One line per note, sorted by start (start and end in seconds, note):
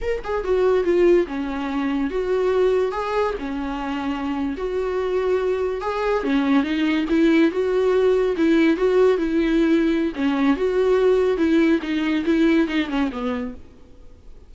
0.01 0.22 A#4
0.24 0.44 G#4
0.44 0.84 F#4
0.84 1.26 F4
1.27 2.10 C#4
2.10 2.91 F#4
2.91 3.34 G#4
3.39 4.55 C#4
4.57 5.81 F#4
5.81 6.23 G#4
6.23 6.63 C#4
6.63 7.05 D#4
7.09 7.51 E4
7.51 8.35 F#4
8.36 8.77 E4
8.77 9.17 F#4
9.17 10.12 E4
10.15 10.56 C#4
10.56 11.37 F#4
11.37 11.79 E4
11.82 12.24 D#4
12.25 12.67 E4
12.67 12.88 D#4
12.88 13.09 C#4
13.12 13.54 B3